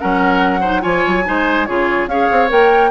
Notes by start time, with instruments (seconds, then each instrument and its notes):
0.00 bassoon F#3, clarinet C#4, oboe A#4, flute F#5
0.61 clarinet D#4, oboe C5
0.82 bassoon F3, clarinet F4, oboe C#5, flute G#5
1.07 bassoon F#3
1.26 bassoon G#3, clarinet D#4, oboe C5
1.66 bassoon C#3, clarinet F4, oboe G#4, flute C#5
2.07 bassoon C#4, clarinet G#4, oboe C#5, flute F5
2.32 bassoon C4
2.48 bassoon A#3, clarinet A#4, flute G5